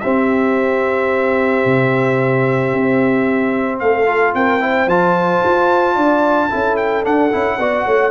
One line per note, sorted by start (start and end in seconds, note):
0.00 4.06 C4
0.00 1.65 C4
0.00 3.81 G4
0.00 3.78 E5
1.65 2.73 C3
2.73 3.81 C4
3.80 4.34 A3
3.80 4.36 A4
3.80 4.34 F5
4.06 4.60 F4
4.34 4.87 C4
4.34 4.63 A#4
4.34 4.89 G5
4.60 4.87 E4
4.60 5.95 C5
4.87 5.41 F3
4.87 6.50 F4
4.87 6.77 A5
5.45 5.96 F4
5.95 6.50 D4
5.95 6.49 D5
6.50 7.05 C#4
6.50 7.04 E4
6.50 7.58 A4
6.77 7.04 G5
7.04 7.31 D4
7.04 7.32 D4
7.04 8.11 F#5
7.32 7.59 C#4
7.32 7.59 E4
7.59 7.86 B3
7.59 8.11 F#4
7.59 7.86 D5
7.86 8.11 A3
7.86 8.11 C#5